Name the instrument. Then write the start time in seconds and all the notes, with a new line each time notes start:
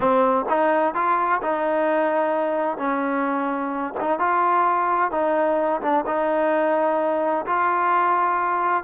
trombone
0.00 C4
0.49 D#4
0.94 F4
1.42 D#4
2.77 C#4
4.00 D#4
4.19 F4
5.11 D#4
5.81 D4
6.06 D#4
7.46 F4